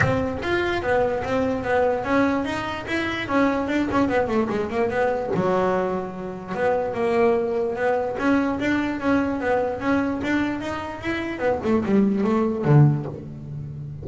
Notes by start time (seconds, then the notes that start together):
0.00 C4
0.42 F4
0.82 B3
1.24 C4
1.63 B3
2.04 C#4
2.45 D#4
2.87 E4
3.28 C#4
3.68 D4
3.91 C#4
4.08 B3
4.27 A3
4.49 G#3
4.69 A#3
4.90 B3
5.34 F#3
6.55 B3
6.94 A#3
7.75 B3
8.18 C#4
8.59 D4
9.00 C#4
9.40 B3
9.80 C#4
10.23 D4
10.60 D#4
11.01 E4
11.38 B3
11.63 A3
11.85 G3
12.23 A3
12.64 D3